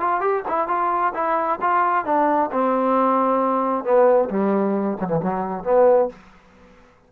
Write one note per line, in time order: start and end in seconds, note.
0.00 0.21 F4
0.21 0.43 G4
0.48 0.68 E4
0.68 1.13 F4
1.14 1.59 E4
1.61 2.05 F4
2.05 2.50 D4
2.52 3.84 C4
3.84 4.29 B3
4.29 4.97 G3
5.01 5.07 F#3
5.07 5.19 E3
5.22 5.63 F#3
5.63 6.09 B3